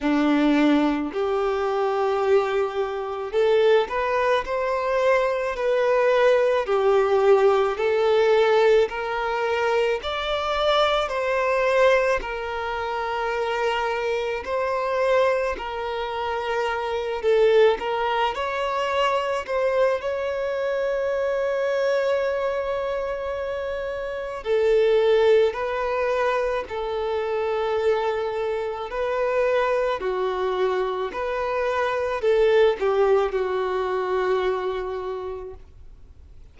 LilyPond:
\new Staff \with { instrumentName = "violin" } { \time 4/4 \tempo 4 = 54 d'4 g'2 a'8 b'8 | c''4 b'4 g'4 a'4 | ais'4 d''4 c''4 ais'4~ | ais'4 c''4 ais'4. a'8 |
ais'8 cis''4 c''8 cis''2~ | cis''2 a'4 b'4 | a'2 b'4 fis'4 | b'4 a'8 g'8 fis'2 | }